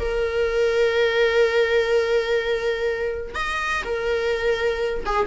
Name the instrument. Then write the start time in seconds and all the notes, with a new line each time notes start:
viola
0.00 A#4
3.35 D#5
3.85 A#4
5.06 G#4